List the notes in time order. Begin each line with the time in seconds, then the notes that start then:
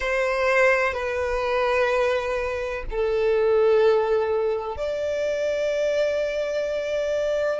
0.00 C5
0.93 B4
2.90 A4
4.77 D5